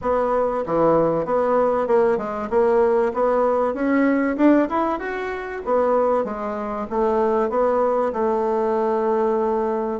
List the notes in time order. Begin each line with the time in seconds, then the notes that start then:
0.01 B3
0.66 E3
1.25 B3
1.87 A#3
2.17 G#3
2.50 A#3
3.13 B3
3.74 C#4
4.36 D4
4.69 E4
4.99 F#4
5.64 B3
6.24 G#3
6.89 A3
7.49 B3
8.12 A3